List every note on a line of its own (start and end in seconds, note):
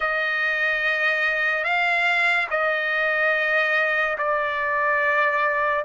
0.00 1.64 D#5
1.64 2.47 F5
2.50 4.17 D#5
4.18 5.84 D5